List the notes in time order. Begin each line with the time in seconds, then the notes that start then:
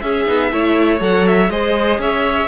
0.00 C#4 G#4 E5
0.26 B3 D#4
0.51 A3 E4 C#5
0.99 F#3 A4 F#5
1.27 E5
1.49 G#3 G#4 C5 D#5
1.98 C#4 C#5 E5